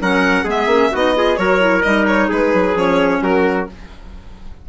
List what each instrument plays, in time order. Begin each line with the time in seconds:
0.00 bassoon F#3, clarinet C#4, trumpet A#4, violin F#5
0.44 bassoon G#3, clarinet B3, trumpet G#4
0.50 violin E5
0.67 bassoon A#3, clarinet C#4
0.91 bassoon B3, clarinet D#4, trumpet F#4, violin D#5
1.15 clarinet F4, trumpet G#4
1.37 bassoon F#3, clarinet F#4, trumpet A#4, violin C#5
1.60 clarinet E4
1.82 bassoon G3, clarinet D#4, violin D#5
2.07 violin C#5
2.28 bassoon G#3, trumpet G#4, violin B4
2.54 bassoon F#3
2.75 bassoon F3, clarinet C#4, violin C#5
3.22 bassoon F#3, trumpet F#4, violin A#4